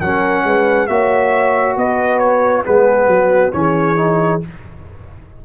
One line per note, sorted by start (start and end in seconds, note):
0.00 0.44 F#3
0.00 0.89 C#4
0.00 0.44 A#4
0.00 0.87 F#5
0.44 0.88 G#3
0.44 0.90 B4
0.87 1.76 A#3
0.87 2.64 F#4
0.87 1.77 C#5
0.87 1.75 E5
1.76 2.65 B3
1.76 2.65 B4
1.76 2.19 D#5
2.19 2.63 C#5
2.64 3.07 G#3
2.64 3.52 B3
2.64 3.09 G#4
2.64 3.53 B4
3.07 3.51 F#3
3.07 3.54 F#4
3.52 4.42 E3
3.52 3.96 C#4
3.52 4.45 G#4
3.52 4.41 C#5
3.97 4.41 D#4